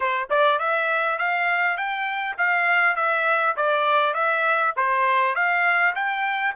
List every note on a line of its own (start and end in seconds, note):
0.00 0.28 C5
0.30 0.59 D5
0.59 1.18 E5
1.18 1.77 F5
1.77 2.36 G5
2.37 2.96 F5
2.96 3.55 E5
3.56 4.14 D5
4.14 4.73 E5
4.76 5.35 C5
5.35 5.94 F5
5.95 6.54 G5